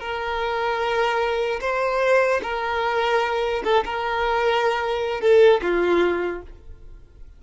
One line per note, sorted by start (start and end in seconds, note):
0.00 1.60 A#4
1.60 2.40 C5
2.43 3.63 A#4
3.64 3.84 A4
3.84 5.20 A#4
5.20 5.60 A4
5.62 6.42 F4